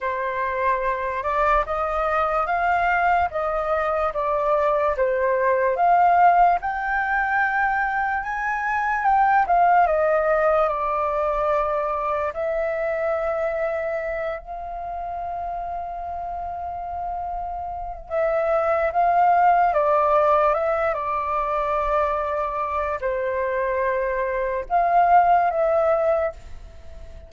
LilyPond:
\new Staff \with { instrumentName = "flute" } { \time 4/4 \tempo 4 = 73 c''4. d''8 dis''4 f''4 | dis''4 d''4 c''4 f''4 | g''2 gis''4 g''8 f''8 | dis''4 d''2 e''4~ |
e''4. f''2~ f''8~ | f''2 e''4 f''4 | d''4 e''8 d''2~ d''8 | c''2 f''4 e''4 | }